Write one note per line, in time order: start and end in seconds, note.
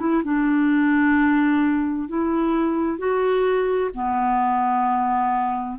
0.00 0.23 E4
0.24 2.09 D4
2.09 2.99 E4
2.99 3.91 F#4
3.94 5.79 B3